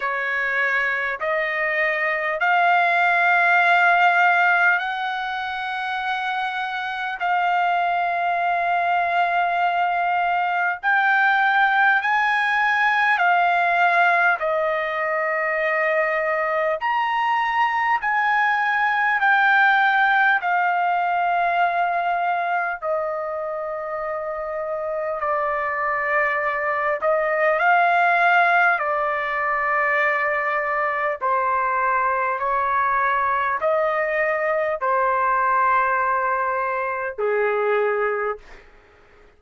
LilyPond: \new Staff \with { instrumentName = "trumpet" } { \time 4/4 \tempo 4 = 50 cis''4 dis''4 f''2 | fis''2 f''2~ | f''4 g''4 gis''4 f''4 | dis''2 ais''4 gis''4 |
g''4 f''2 dis''4~ | dis''4 d''4. dis''8 f''4 | d''2 c''4 cis''4 | dis''4 c''2 gis'4 | }